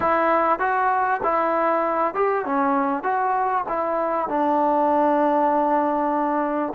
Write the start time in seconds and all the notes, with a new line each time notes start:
0.00 E4
0.59 F#4
1.23 E4
2.14 G4
2.45 C#4
3.03 F#4
3.68 E4
4.28 D4